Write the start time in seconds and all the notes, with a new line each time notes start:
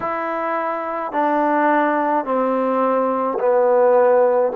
0.00 E4
1.12 D4
2.24 C4
3.39 B3